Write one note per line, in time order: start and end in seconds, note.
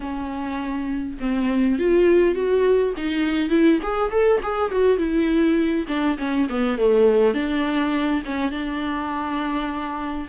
0.00 1.18 C#4
1.20 1.78 C4
1.78 2.34 F4
2.34 2.93 F#4
2.97 3.49 D#4
3.49 3.79 E4
3.82 4.11 G#4
4.11 4.40 A4
4.43 4.71 G#4
4.71 4.97 F#4
4.97 5.85 E4
5.87 6.17 D4
6.18 6.47 C#4
6.49 6.78 B3
6.78 7.34 A3
7.34 8.22 D4
8.25 8.51 C#4
8.51 10.28 D4